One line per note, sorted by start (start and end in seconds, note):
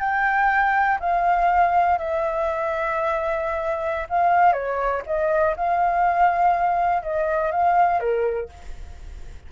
0.00 0.98 G5
1.00 1.98 F5
1.98 4.07 E5
4.10 4.53 F5
4.53 5.02 C#5
5.06 5.55 D#5
5.56 7.03 F5
7.03 7.52 D#5
7.52 8.00 F5
8.00 8.49 A#4